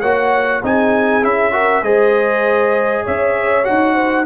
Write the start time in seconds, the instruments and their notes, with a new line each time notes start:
0.00 tuba A#3, trombone F#4, horn C#5, trumpet F#5
0.62 tuba C4, trombone D#4, horn G#4, trumpet G#5
1.21 tuba C#4, trombone E4, trumpet E5
1.52 trombone F#4, horn A#4
1.81 tuba G#3, trombone G#4, horn C5, trumpet D#5
3.04 tuba C#4, horn C#5, trumpet E5
3.64 tuba D#4, trombone F#4, trumpet F#5
3.94 horn C5